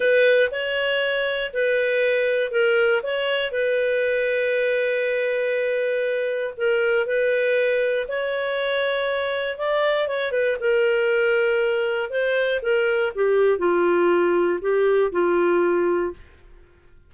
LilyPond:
\new Staff \with { instrumentName = "clarinet" } { \time 4/4 \tempo 4 = 119 b'4 cis''2 b'4~ | b'4 ais'4 cis''4 b'4~ | b'1~ | b'4 ais'4 b'2 |
cis''2. d''4 | cis''8 b'8 ais'2. | c''4 ais'4 g'4 f'4~ | f'4 g'4 f'2 | }